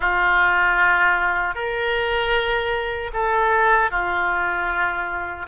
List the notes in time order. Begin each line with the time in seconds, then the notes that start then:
0.00 F4
1.54 A#4
3.13 A4
3.91 F4